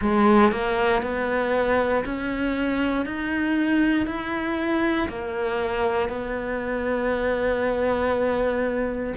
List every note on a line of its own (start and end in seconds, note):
0.00 0.51 G#3
0.51 1.02 A#3
1.02 2.03 B3
2.05 3.05 C#4
3.05 4.06 D#4
4.06 5.08 E4
5.08 6.08 A#3
6.08 9.13 B3